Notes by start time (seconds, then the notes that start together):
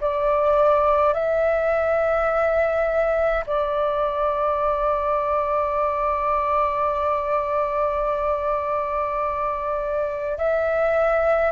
0.00 D5
1.13 E5
3.46 D5
10.37 E5